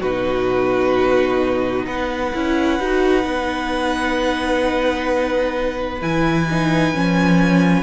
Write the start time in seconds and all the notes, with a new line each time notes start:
0.00 B2 D#4 F#4 B4
1.86 B3 B4 F#5
2.33 C#4 E4
2.79 D#4 F#4
3.22 B3 D#4
6.01 E3 E4 G#5
6.50 D#4
6.94 F3 C#4